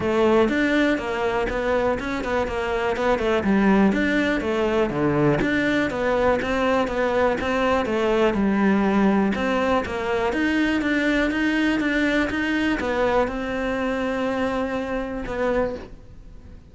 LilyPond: \new Staff \with { instrumentName = "cello" } { \time 4/4 \tempo 4 = 122 a4 d'4 ais4 b4 | cis'8 b8 ais4 b8 a8 g4 | d'4 a4 d4 d'4 | b4 c'4 b4 c'4 |
a4 g2 c'4 | ais4 dis'4 d'4 dis'4 | d'4 dis'4 b4 c'4~ | c'2. b4 | }